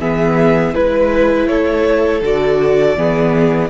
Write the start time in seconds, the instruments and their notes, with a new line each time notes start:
0.00 cello E3, viola B3, violin G#4 E5
0.75 cello G#3, viola E4, violin B4
1.48 cello A3, violin A4 C#5
2.22 cello D3, viola F#4, violin D5
2.97 cello E3, viola B3, violin G#4